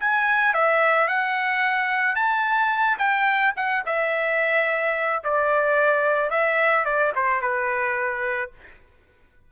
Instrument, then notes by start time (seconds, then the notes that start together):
trumpet
0.00 G#5
0.54 E5
1.08 F#5
2.15 A5
2.98 G5
3.56 F#5
3.86 E5
5.24 D5
6.31 E5
6.85 D5
7.15 C5
7.41 B4